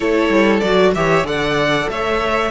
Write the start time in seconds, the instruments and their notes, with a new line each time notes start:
0.00 cello A3, viola E4, violin A4 C#5
0.29 cello G3
0.59 cello F#3, viola F#4, violin D5
0.94 cello E3, viola G4, violin C#5 E5
1.23 cello D3, viola A4, violin D5 F#5
1.89 cello A3, violin C#5 E5